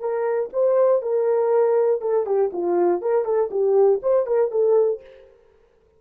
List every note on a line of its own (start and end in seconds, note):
0.00 0.50 A#4
0.53 1.02 C5
1.02 2.01 A#4
2.01 2.26 A4
2.26 2.51 G4
2.53 3.02 F4
3.02 3.25 A#4
3.25 3.50 A4
3.51 4.00 G4
4.02 4.27 C5
4.27 4.51 A#4
4.51 5.01 A4